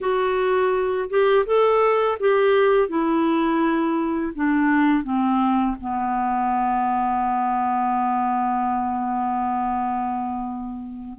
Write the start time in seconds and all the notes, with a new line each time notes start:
0.00 F#4
1.09 G4
1.46 A4
2.19 G4
2.88 E4
4.35 D4
5.03 C4
5.80 B3